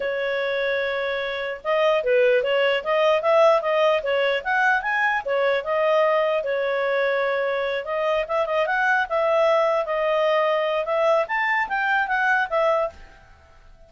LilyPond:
\new Staff \with { instrumentName = "clarinet" } { \time 4/4 \tempo 4 = 149 cis''1 | dis''4 b'4 cis''4 dis''4 | e''4 dis''4 cis''4 fis''4 | gis''4 cis''4 dis''2 |
cis''2.~ cis''8 dis''8~ | dis''8 e''8 dis''8 fis''4 e''4.~ | e''8 dis''2~ dis''8 e''4 | a''4 g''4 fis''4 e''4 | }